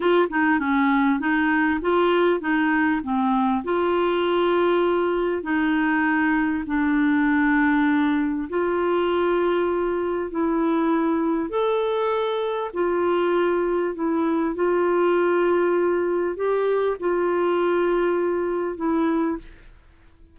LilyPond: \new Staff \with { instrumentName = "clarinet" } { \time 4/4 \tempo 4 = 99 f'8 dis'8 cis'4 dis'4 f'4 | dis'4 c'4 f'2~ | f'4 dis'2 d'4~ | d'2 f'2~ |
f'4 e'2 a'4~ | a'4 f'2 e'4 | f'2. g'4 | f'2. e'4 | }